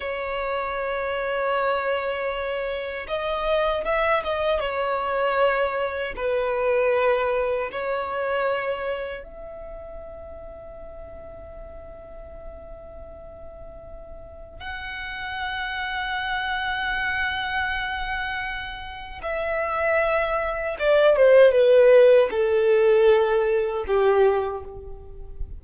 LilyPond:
\new Staff \with { instrumentName = "violin" } { \time 4/4 \tempo 4 = 78 cis''1 | dis''4 e''8 dis''8 cis''2 | b'2 cis''2 | e''1~ |
e''2. fis''4~ | fis''1~ | fis''4 e''2 d''8 c''8 | b'4 a'2 g'4 | }